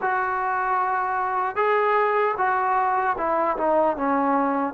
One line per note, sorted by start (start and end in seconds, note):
0.01 1.55 F#4
1.55 2.34 G#4
2.37 3.16 F#4
3.17 3.57 E4
3.57 3.97 D#4
3.97 4.73 C#4